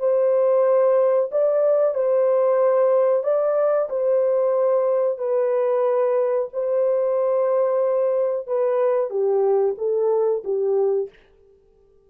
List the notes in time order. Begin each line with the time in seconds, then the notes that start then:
0.00 C5
1.32 D5
1.95 C5
3.24 D5
3.90 C5
5.18 B4
6.54 C5
8.48 B4
9.10 G4
9.78 A4
10.45 G4